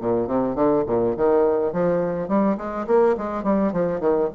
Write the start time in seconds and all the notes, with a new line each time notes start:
0.00 A#2
0.27 C3
0.55 D3
0.86 A#2
1.16 D#3
1.73 F3
2.28 G3
2.57 G#3
2.87 A#3
3.17 G#3
3.43 G3
3.72 F3
4.00 D#3